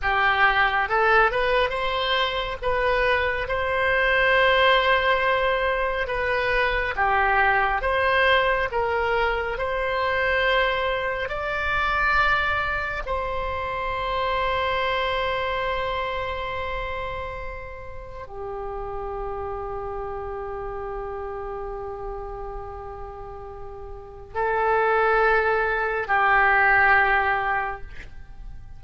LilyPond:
\new Staff \with { instrumentName = "oboe" } { \time 4/4 \tempo 4 = 69 g'4 a'8 b'8 c''4 b'4 | c''2. b'4 | g'4 c''4 ais'4 c''4~ | c''4 d''2 c''4~ |
c''1~ | c''4 g'2.~ | g'1 | a'2 g'2 | }